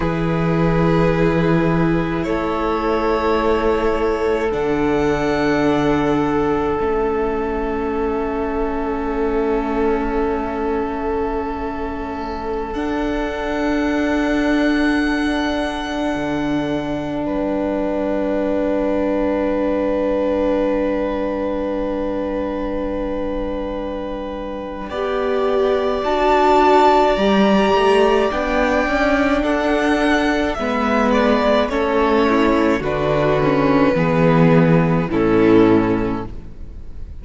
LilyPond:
<<
  \new Staff \with { instrumentName = "violin" } { \time 4/4 \tempo 4 = 53 b'2 cis''2 | fis''2 e''2~ | e''2.~ e''16 fis''8.~ | fis''2.~ fis''16 g''8.~ |
g''1~ | g''2. a''4 | ais''4 g''4 fis''4 e''8 d''8 | cis''4 b'2 a'4 | }
  \new Staff \with { instrumentName = "violin" } { \time 4/4 gis'2 a'2~ | a'1~ | a'1~ | a'2.~ a'16 b'8.~ |
b'1~ | b'2 d''2~ | d''2 a'4 b'4 | a'8 e'8 fis'4 gis'4 e'4 | }
  \new Staff \with { instrumentName = "viola" } { \time 4/4 e'1 | d'2 cis'2~ | cis'2.~ cis'16 d'8.~ | d'1~ |
d'1~ | d'2 g'4 fis'4 | g'4 d'2 b4 | cis'4 d'8 cis'8 b4 cis'4 | }
  \new Staff \with { instrumentName = "cello" } { \time 4/4 e2 a2 | d2 a2~ | a2.~ a16 d'8.~ | d'2~ d'16 d4 g8.~ |
g1~ | g2 b4 d'4 | g8 a8 b8 cis'8 d'4 gis4 | a4 d4 e4 a,4 | }
>>